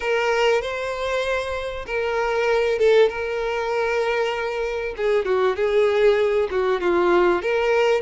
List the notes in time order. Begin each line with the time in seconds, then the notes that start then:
0.00 A#4
0.61 C5
1.86 A#4
2.78 A4
3.09 A#4
4.97 G#4
5.25 F#4
5.56 G#4
6.51 F#4
6.80 F4
7.42 A#4